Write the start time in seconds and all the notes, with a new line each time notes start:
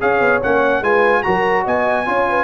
0.00 C#4 G#4 C#5 F5
0.20 B3
0.42 A#3 C#4 F#5
0.81 G#3 F4 B4 G#5
1.22 F#3 F#4 A#4 A#5
1.64 B3 D#5 G#5
2.05 C#4 F4 C#5
2.29 B4